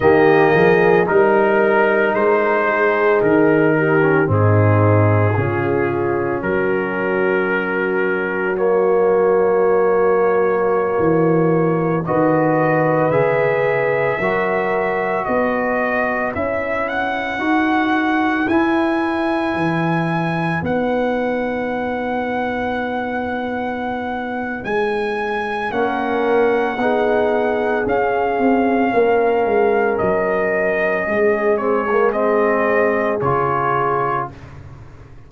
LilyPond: <<
  \new Staff \with { instrumentName = "trumpet" } { \time 4/4 \tempo 4 = 56 dis''4 ais'4 c''4 ais'4 | gis'2 ais'2 | cis''2.~ cis''16 dis''8.~ | dis''16 e''2 dis''4 e''8 fis''16~ |
fis''4~ fis''16 gis''2 fis''8.~ | fis''2. gis''4 | fis''2 f''2 | dis''4. cis''8 dis''4 cis''4 | }
  \new Staff \with { instrumentName = "horn" } { \time 4/4 g'8 gis'8 ais'4. gis'4 g'8 | dis'4 f'4 fis'2~ | fis'2.~ fis'16 b'8.~ | b'4~ b'16 ais'4 b'4.~ b'16~ |
b'1~ | b'1 | ais'4 gis'2 ais'4~ | ais'4 gis'2. | }
  \new Staff \with { instrumentName = "trombone" } { \time 4/4 ais4 dis'2~ dis'8. cis'16 | c'4 cis'2. | ais2.~ ais16 fis'8.~ | fis'16 gis'4 fis'2 e'8.~ |
e'16 fis'4 e'2 dis'8.~ | dis'1 | cis'4 dis'4 cis'2~ | cis'4. c'16 ais16 c'4 f'4 | }
  \new Staff \with { instrumentName = "tuba" } { \time 4/4 dis8 f8 g4 gis4 dis4 | gis,4 cis4 fis2~ | fis2~ fis16 e4 dis8.~ | dis16 cis4 fis4 b4 cis'8.~ |
cis'16 dis'4 e'4 e4 b8.~ | b2. gis4 | ais4 b4 cis'8 c'8 ais8 gis8 | fis4 gis2 cis4 | }
>>